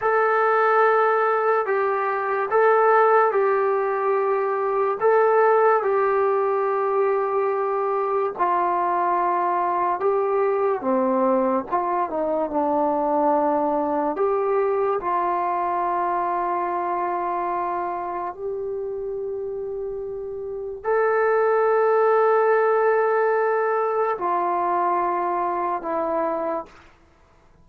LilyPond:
\new Staff \with { instrumentName = "trombone" } { \time 4/4 \tempo 4 = 72 a'2 g'4 a'4 | g'2 a'4 g'4~ | g'2 f'2 | g'4 c'4 f'8 dis'8 d'4~ |
d'4 g'4 f'2~ | f'2 g'2~ | g'4 a'2.~ | a'4 f'2 e'4 | }